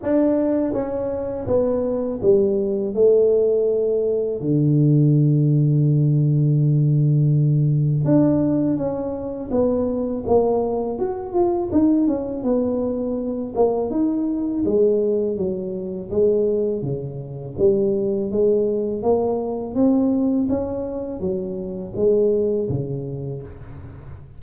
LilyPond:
\new Staff \with { instrumentName = "tuba" } { \time 4/4 \tempo 4 = 82 d'4 cis'4 b4 g4 | a2 d2~ | d2. d'4 | cis'4 b4 ais4 fis'8 f'8 |
dis'8 cis'8 b4. ais8 dis'4 | gis4 fis4 gis4 cis4 | g4 gis4 ais4 c'4 | cis'4 fis4 gis4 cis4 | }